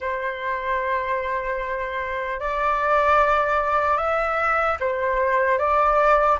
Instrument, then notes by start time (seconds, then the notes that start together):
flute
0.00 C5
2.40 D5
3.97 E5
4.80 C5
5.58 D5